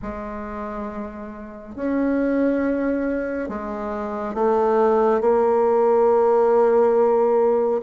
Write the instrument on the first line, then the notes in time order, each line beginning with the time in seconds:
bassoon
0.02 G#3
1.75 C#4
3.48 G#3
4.34 A3
5.20 A#3